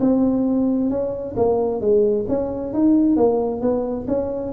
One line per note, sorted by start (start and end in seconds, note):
0.00 0.90 C4
0.90 1.35 C#4
1.36 1.81 A#3
1.81 2.26 G#3
2.28 2.73 C#4
2.73 3.16 D#4
3.16 3.61 A#3
3.61 4.06 B3
4.08 4.53 C#4